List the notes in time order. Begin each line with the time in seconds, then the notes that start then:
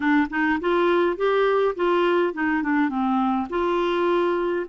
0.00 D4
0.30 D#4
0.60 F4
1.16 G4
1.75 F4
2.33 D#4
2.62 D4
2.89 C4
3.49 F4